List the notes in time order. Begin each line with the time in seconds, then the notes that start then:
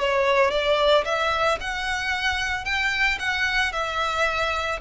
0.00 C#5
0.51 D5
1.05 E5
1.61 F#5
2.65 G5
3.20 F#5
3.73 E5